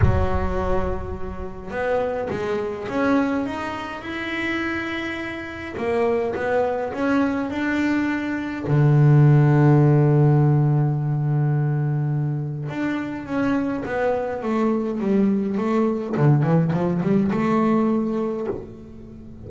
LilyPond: \new Staff \with { instrumentName = "double bass" } { \time 4/4 \tempo 4 = 104 fis2. b4 | gis4 cis'4 dis'4 e'4~ | e'2 ais4 b4 | cis'4 d'2 d4~ |
d1~ | d2 d'4 cis'4 | b4 a4 g4 a4 | d8 e8 f8 g8 a2 | }